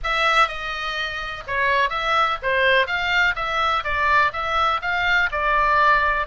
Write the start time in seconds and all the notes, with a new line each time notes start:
0.03 E5
0.47 D#5
1.47 C#5
1.89 E5
2.42 C5
2.86 F5
3.35 E5
3.84 D5
4.32 E5
4.81 F5
5.31 D5